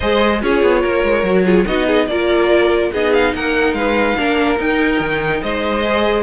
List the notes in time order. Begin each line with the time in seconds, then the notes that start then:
0.00 G#3 G#4 C5 D#5
0.41 C#4 F4 G#4 C#5
0.62 B3
0.81 A#3 A#4
1.03 G#3
1.23 F#3 F#4
1.45 F4 G#4
1.66 B3 D#4 F#4 D#5
1.86 G#4
2.07 A#3 F4 A#4 D5
2.92 B3 D#4 G#4 D#5
3.13 F5
3.34 A#3 A#4 F#5
3.72 G#3 B4 F5
4.17 A#3 D4 A#4
4.56 D#4 G5
4.99 D#3
5.42 G#3 C5 D#5
5.82 G#4